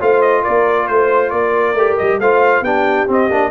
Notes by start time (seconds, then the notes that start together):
0.00 A3 F4 C5 F5
0.21 D#5
0.41 A#4 D5
0.48 A#3
0.87 A3 C5
1.30 A#3 A#4 D5
1.74 A3 G4
1.97 G3 D#5
2.19 A3 F4 C5 F5
2.61 B3 D4 G4 G5
3.08 C4 D#5
3.30 A#3 D4